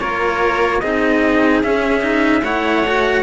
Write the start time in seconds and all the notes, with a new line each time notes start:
0.00 A#3 F4 A#4 C#5
0.80 C4 D#4 G#4 D#5
1.63 C#4 E5
2.02 D#4
2.42 A3 E4 C#5 F#5
2.87 F#4